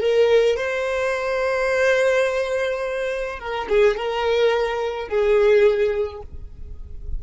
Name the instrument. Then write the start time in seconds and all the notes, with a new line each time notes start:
violin
0.00 A#4
0.56 C5
3.39 A#4
3.68 G#4
3.96 A#4
5.08 G#4